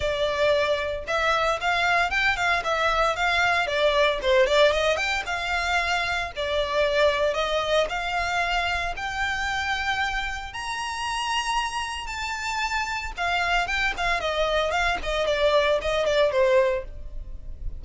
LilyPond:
\new Staff \with { instrumentName = "violin" } { \time 4/4 \tempo 4 = 114 d''2 e''4 f''4 | g''8 f''8 e''4 f''4 d''4 | c''8 d''8 dis''8 g''8 f''2 | d''2 dis''4 f''4~ |
f''4 g''2. | ais''2. a''4~ | a''4 f''4 g''8 f''8 dis''4 | f''8 dis''8 d''4 dis''8 d''8 c''4 | }